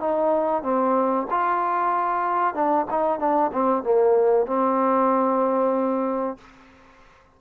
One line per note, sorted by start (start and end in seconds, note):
0.00 0.63 D#4
0.63 1.27 C4
1.30 2.54 F4
2.54 2.86 D4
2.90 3.19 D#4
3.19 3.51 D4
3.53 3.83 C4
3.83 4.46 A#3
4.46 6.38 C4